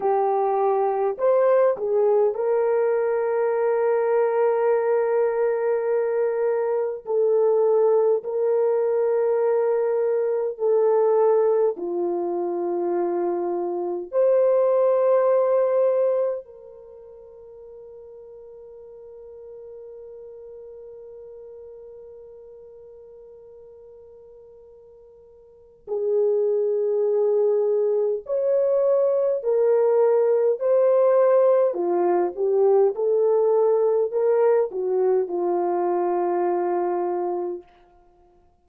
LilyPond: \new Staff \with { instrumentName = "horn" } { \time 4/4 \tempo 4 = 51 g'4 c''8 gis'8 ais'2~ | ais'2 a'4 ais'4~ | ais'4 a'4 f'2 | c''2 ais'2~ |
ais'1~ | ais'2 gis'2 | cis''4 ais'4 c''4 f'8 g'8 | a'4 ais'8 fis'8 f'2 | }